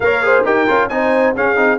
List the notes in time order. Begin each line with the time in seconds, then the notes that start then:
0.00 A#3 A#4 C#5 F5
0.22 G#4 C5
0.44 D#4 G4 A#4 G5
0.67 C#4 F4
0.88 C4 D#4 C5 G#5
1.35 C#4 G#4 F5
1.56 C4 D#4